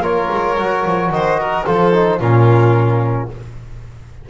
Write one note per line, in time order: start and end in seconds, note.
0.00 0.27 A#3
0.00 0.57 F4
0.00 1.11 A#4
0.00 1.10 C#5
0.30 0.57 G#3
0.57 0.84 F#3
0.57 1.65 F#4
0.85 1.09 F3
1.09 1.64 D#3
1.09 1.40 C5
1.09 1.65 D#5
1.40 1.66 A#4
1.65 2.20 F3
1.65 1.92 F4
1.65 2.20 A4
1.65 2.20 C5
1.92 2.19 D#4
2.19 3.29 A#2
2.19 3.29 C#4
2.19 3.29 F4
2.19 3.29 A#4